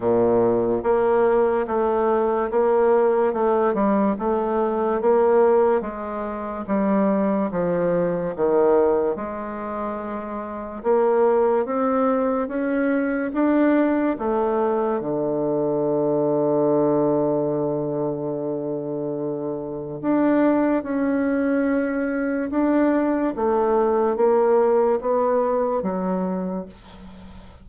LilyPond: \new Staff \with { instrumentName = "bassoon" } { \time 4/4 \tempo 4 = 72 ais,4 ais4 a4 ais4 | a8 g8 a4 ais4 gis4 | g4 f4 dis4 gis4~ | gis4 ais4 c'4 cis'4 |
d'4 a4 d2~ | d1 | d'4 cis'2 d'4 | a4 ais4 b4 fis4 | }